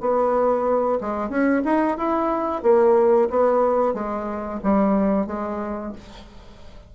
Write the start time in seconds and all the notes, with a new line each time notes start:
0.00 B3
1.01 G#3
1.29 C#4
1.65 D#4
1.98 E4
2.63 A#3
3.30 B3
3.94 G#3
4.63 G3
5.27 G#3